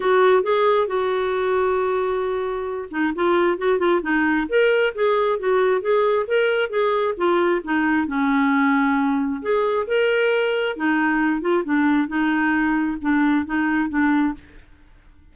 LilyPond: \new Staff \with { instrumentName = "clarinet" } { \time 4/4 \tempo 4 = 134 fis'4 gis'4 fis'2~ | fis'2~ fis'8 dis'8 f'4 | fis'8 f'8 dis'4 ais'4 gis'4 | fis'4 gis'4 ais'4 gis'4 |
f'4 dis'4 cis'2~ | cis'4 gis'4 ais'2 | dis'4. f'8 d'4 dis'4~ | dis'4 d'4 dis'4 d'4 | }